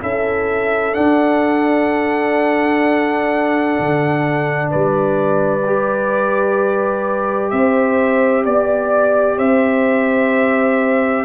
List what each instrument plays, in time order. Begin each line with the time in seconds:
0.00 tuba C#4, trombone E4, horn A4, trumpet E5
0.92 trombone D4, tuba D4, trumpet F#5
3.79 tuba D3
4.70 tuba G3, horn B4, trumpet D5
5.66 trombone G4
7.50 tuba C4, horn C5, trumpet E5
8.45 tuba B3, horn D5, trumpet D5
9.38 tuba C4, horn C5, trumpet E5